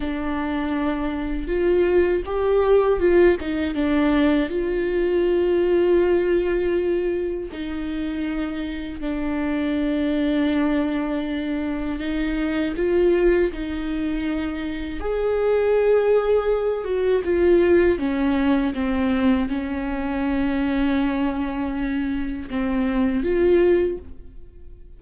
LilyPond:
\new Staff \with { instrumentName = "viola" } { \time 4/4 \tempo 4 = 80 d'2 f'4 g'4 | f'8 dis'8 d'4 f'2~ | f'2 dis'2 | d'1 |
dis'4 f'4 dis'2 | gis'2~ gis'8 fis'8 f'4 | cis'4 c'4 cis'2~ | cis'2 c'4 f'4 | }